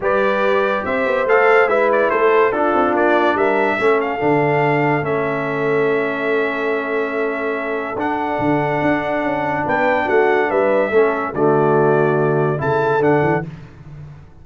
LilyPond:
<<
  \new Staff \with { instrumentName = "trumpet" } { \time 4/4 \tempo 4 = 143 d''2 e''4 f''4 | e''8 d''8 c''4 a'4 d''4 | e''4. f''2~ f''8 | e''1~ |
e''2. fis''4~ | fis''2. g''4 | fis''4 e''2 d''4~ | d''2 a''4 fis''4 | }
  \new Staff \with { instrumentName = "horn" } { \time 4/4 b'2 c''2 | b'4 a'4 f'2 | ais'4 a'2.~ | a'1~ |
a'1~ | a'2. b'4 | fis'4 b'4 a'4 fis'4~ | fis'2 a'2 | }
  \new Staff \with { instrumentName = "trombone" } { \time 4/4 g'2. a'4 | e'2 d'2~ | d'4 cis'4 d'2 | cis'1~ |
cis'2. d'4~ | d'1~ | d'2 cis'4 a4~ | a2 e'4 d'4 | }
  \new Staff \with { instrumentName = "tuba" } { \time 4/4 g2 c'8 b8 a4 | gis4 a4 d'8 c'8 ais4 | g4 a4 d2 | a1~ |
a2. d'4 | d4 d'4 cis'4 b4 | a4 g4 a4 d4~ | d2 cis4 d8 e8 | }
>>